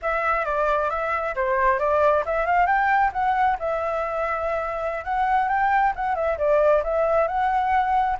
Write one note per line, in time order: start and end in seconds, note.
0.01 0.45 E5
0.45 0.90 D5
0.90 1.34 E5
1.35 1.79 C5
1.79 2.23 D5
2.25 2.45 E5
2.45 2.66 F5
2.66 3.11 G5
3.12 3.57 F#5
3.59 5.04 E5
5.04 5.48 F#5
5.48 5.93 G5
5.95 6.15 F#5
6.15 6.37 E5
6.38 6.82 D5
6.83 7.27 E5
7.27 8.17 F#5